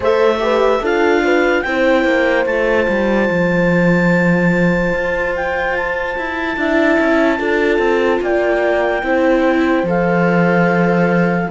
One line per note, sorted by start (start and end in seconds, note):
0.00 0.80 A3
0.00 0.37 A4
0.00 0.39 C5
0.00 0.85 E5
0.39 0.80 G4
0.39 0.81 B4
0.81 1.63 D4
0.81 1.65 F4
0.81 1.22 A4
0.81 1.61 F5
1.24 1.65 B4
1.61 2.04 C4
1.61 2.48 E4
1.61 6.58 C5
1.61 2.44 G5
2.04 2.45 A#3
2.45 2.86 A3
2.45 6.59 F4
2.45 5.33 A5
2.88 3.29 G3
3.29 4.93 F3
4.93 6.16 F4
5.35 5.76 G5
5.76 8.22 A5
6.17 6.57 E4
6.57 6.98 D4
6.57 7.38 E4
6.57 7.38 E5
6.99 7.39 C#4
7.38 7.78 D4
7.38 9.02 F4
7.38 8.21 A4
7.78 8.19 C4
8.21 9.02 A#3
8.21 9.05 D5
8.21 9.87 G5
9.02 9.83 C4
9.02 9.85 E4
9.02 11.50 C5
9.83 11.47 F3
9.83 11.50 A4
9.83 11.50 F5